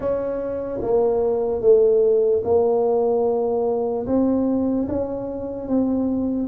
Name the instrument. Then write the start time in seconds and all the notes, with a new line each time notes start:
tuba
0.00 C#4
0.81 A#3
1.61 A3
2.43 A#3
4.06 C4
4.88 C#4
5.68 C4